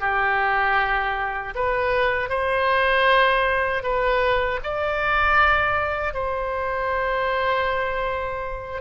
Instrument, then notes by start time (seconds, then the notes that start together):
oboe
0.00 G4
1.55 B4
2.29 C5
3.83 B4
4.63 D5
6.14 C5